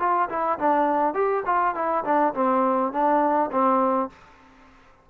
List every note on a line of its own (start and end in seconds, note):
0.00 0.29 F4
0.29 0.59 E4
0.59 1.14 D4
1.14 1.44 G4
1.46 1.75 F4
1.75 2.04 E4
2.05 2.34 D4
2.34 2.93 C4
2.93 3.51 D4
3.52 4.10 C4